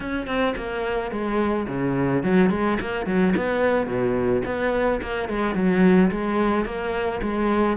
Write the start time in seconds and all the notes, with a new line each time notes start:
0.00 C#4
0.26 C4
0.56 A#3
1.11 G#3
1.67 C#3
2.23 F#3
2.50 G#3
2.81 A#3
3.06 F#3
3.36 B3
3.86 B2
4.45 B3
5.02 A#3
5.29 G#3
5.55 F#3
6.10 G#3
6.65 A#3
7.22 G#3